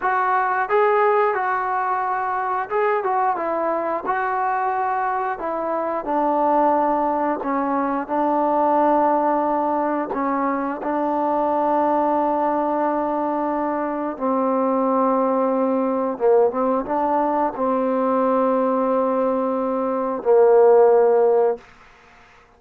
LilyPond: \new Staff \with { instrumentName = "trombone" } { \time 4/4 \tempo 4 = 89 fis'4 gis'4 fis'2 | gis'8 fis'8 e'4 fis'2 | e'4 d'2 cis'4 | d'2. cis'4 |
d'1~ | d'4 c'2. | ais8 c'8 d'4 c'2~ | c'2 ais2 | }